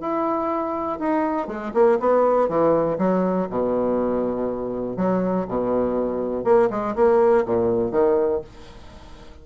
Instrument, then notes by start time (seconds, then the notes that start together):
bassoon
0.00 E4
0.99 D#4
1.47 G#3
1.74 A#3
1.99 B3
2.48 E3
2.98 F#3
3.50 B2
4.96 F#3
5.48 B2
6.44 A#3
6.70 G#3
6.95 A#3
7.45 A#2
7.91 D#3